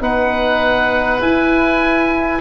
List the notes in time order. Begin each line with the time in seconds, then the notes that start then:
0.00 B3 D#4 B4 F#5
1.20 E4 G#5